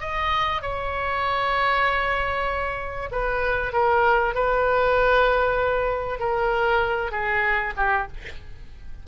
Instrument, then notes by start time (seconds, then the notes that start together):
oboe
0.00 D#5
0.62 C#5
3.11 B4
3.72 A#4
4.34 B4
6.19 A#4
7.11 G#4
7.76 G4